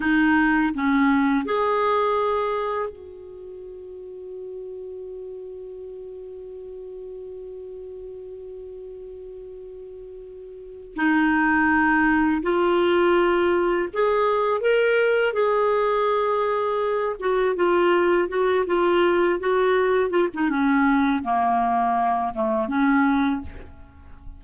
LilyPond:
\new Staff \with { instrumentName = "clarinet" } { \time 4/4 \tempo 4 = 82 dis'4 cis'4 gis'2 | fis'1~ | fis'1~ | fis'2. dis'4~ |
dis'4 f'2 gis'4 | ais'4 gis'2~ gis'8 fis'8 | f'4 fis'8 f'4 fis'4 f'16 dis'16 | cis'4 ais4. a8 cis'4 | }